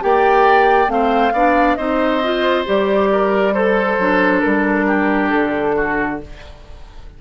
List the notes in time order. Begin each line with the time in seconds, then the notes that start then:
0.00 A#3 G4 D5 G5
0.87 A3 C4 C5 F5
1.32 B3 D4 D5
1.75 C4 D#4 C5 D#5
2.23 F4
2.65 G3 G4 D5
3.11 A#4
3.53 A4 C5
3.98 F#3 D4
4.40 G3 A#4
4.87 G4
5.29 D3 A4
5.75 F#4